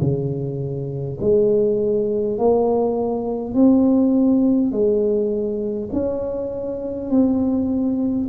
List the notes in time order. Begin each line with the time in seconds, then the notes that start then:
0.00 C#3
1.20 G#3
2.38 A#3
3.54 C4
4.72 G#3
5.92 C#4
7.10 C4